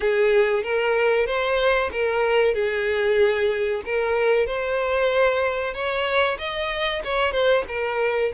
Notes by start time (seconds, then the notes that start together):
0.00 G#4
0.63 A#4
1.26 C5
1.92 A#4
2.54 G#4
3.85 A#4
4.46 C5
5.74 C#5
6.38 D#5
7.04 C#5
7.32 C5
7.68 A#4